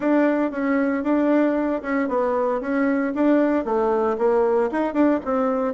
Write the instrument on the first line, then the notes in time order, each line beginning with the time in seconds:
bassoon
0.00 D4
0.51 C#4
1.03 D4
1.82 C#4
2.08 B3
2.61 C#4
3.14 D4
3.64 A3
4.18 A#3
4.71 D#4
4.93 D4
5.24 C4